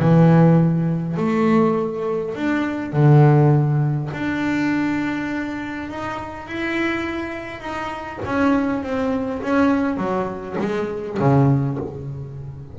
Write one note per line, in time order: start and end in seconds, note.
0.00 1.17 E3
1.17 2.35 A3
2.35 2.93 D4
2.93 4.10 D3
4.13 5.90 D4
5.90 6.47 D#4
6.47 7.60 E4
7.60 8.19 D#4
8.25 8.83 C#4
8.83 9.42 C4
9.42 9.98 C#4
9.98 10.56 F#3
10.59 11.18 G#3
11.20 11.79 C#3